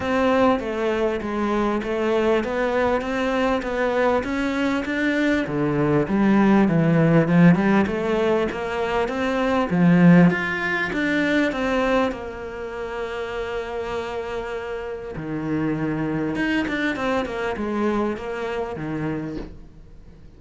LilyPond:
\new Staff \with { instrumentName = "cello" } { \time 4/4 \tempo 4 = 99 c'4 a4 gis4 a4 | b4 c'4 b4 cis'4 | d'4 d4 g4 e4 | f8 g8 a4 ais4 c'4 |
f4 f'4 d'4 c'4 | ais1~ | ais4 dis2 dis'8 d'8 | c'8 ais8 gis4 ais4 dis4 | }